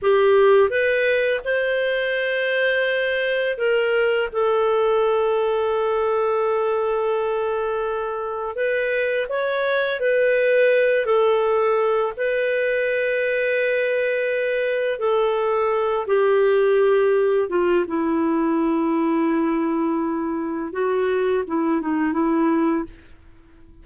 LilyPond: \new Staff \with { instrumentName = "clarinet" } { \time 4/4 \tempo 4 = 84 g'4 b'4 c''2~ | c''4 ais'4 a'2~ | a'1 | b'4 cis''4 b'4. a'8~ |
a'4 b'2.~ | b'4 a'4. g'4.~ | g'8 f'8 e'2.~ | e'4 fis'4 e'8 dis'8 e'4 | }